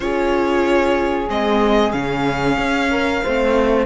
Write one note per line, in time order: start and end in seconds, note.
0.00 1.28 C#4
0.00 1.27 F4
0.00 2.91 G#4
0.00 1.28 C#5
1.27 1.93 G#3
1.27 1.92 C4
1.27 1.92 D#5
1.92 2.57 C#3
1.92 3.21 C#4
1.92 3.85 F5
2.57 3.22 C#4
2.91 3.23 A#4
3.23 3.86 A3
3.23 3.86 C4
3.23 3.86 C5